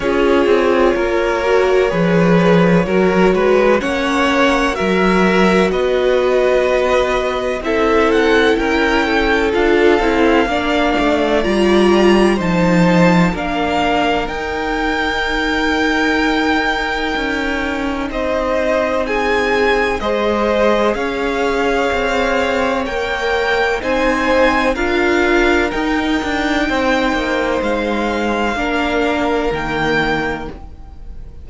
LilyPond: <<
  \new Staff \with { instrumentName = "violin" } { \time 4/4 \tempo 4 = 63 cis''1 | fis''4 e''4 dis''2 | e''8 fis''8 g''4 f''2 | ais''4 a''4 f''4 g''4~ |
g''2. dis''4 | gis''4 dis''4 f''2 | g''4 gis''4 f''4 g''4~ | g''4 f''2 g''4 | }
  \new Staff \with { instrumentName = "violin" } { \time 4/4 gis'4 ais'4 b'4 ais'8 b'8 | cis''4 ais'4 b'2 | a'4 ais'8 a'4. d''4~ | d''4 c''4 ais'2~ |
ais'2. c''4 | gis'4 c''4 cis''2~ | cis''4 c''4 ais'2 | c''2 ais'2 | }
  \new Staff \with { instrumentName = "viola" } { \time 4/4 f'4. fis'8 gis'4 fis'4 | cis'4 fis'2. | e'2 f'8 e'8 d'4 | f'4 dis'4 d'4 dis'4~ |
dis'1~ | dis'4 gis'2. | ais'4 dis'4 f'4 dis'4~ | dis'2 d'4 ais4 | }
  \new Staff \with { instrumentName = "cello" } { \time 4/4 cis'8 c'8 ais4 f4 fis8 gis8 | ais4 fis4 b2 | c'4 cis'4 d'8 c'8 ais8 a8 | g4 f4 ais4 dis'4~ |
dis'2 cis'4 c'4~ | c'4 gis4 cis'4 c'4 | ais4 c'4 d'4 dis'8 d'8 | c'8 ais8 gis4 ais4 dis4 | }
>>